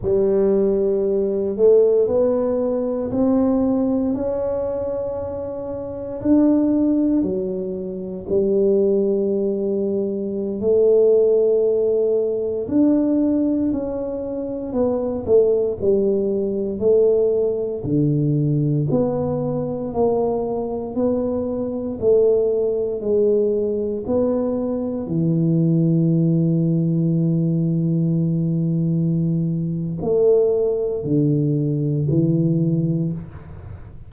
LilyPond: \new Staff \with { instrumentName = "tuba" } { \time 4/4 \tempo 4 = 58 g4. a8 b4 c'4 | cis'2 d'4 fis4 | g2~ g16 a4.~ a16~ | a16 d'4 cis'4 b8 a8 g8.~ |
g16 a4 d4 b4 ais8.~ | ais16 b4 a4 gis4 b8.~ | b16 e2.~ e8.~ | e4 a4 d4 e4 | }